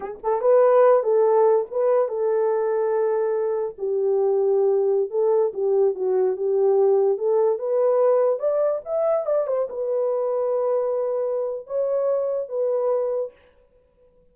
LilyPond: \new Staff \with { instrumentName = "horn" } { \time 4/4 \tempo 4 = 144 gis'8 a'8 b'4. a'4. | b'4 a'2.~ | a'4 g'2.~ | g'16 a'4 g'4 fis'4 g'8.~ |
g'4~ g'16 a'4 b'4.~ b'16~ | b'16 d''4 e''4 d''8 c''8 b'8.~ | b'1 | cis''2 b'2 | }